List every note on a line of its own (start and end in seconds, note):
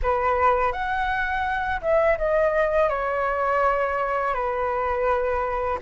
0.02 0.72 B4
0.72 1.80 F#5
1.81 2.17 E5
2.18 2.89 D#5
2.89 4.33 C#5
4.33 5.78 B4